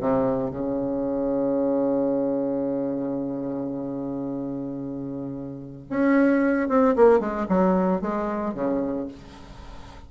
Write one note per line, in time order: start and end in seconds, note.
0.00 0.50 C3
0.50 5.86 C#3
5.90 6.68 C#4
6.68 6.95 C4
6.96 7.20 A#3
7.20 7.46 G#3
7.48 8.01 F#3
8.01 8.54 G#3
8.54 9.08 C#3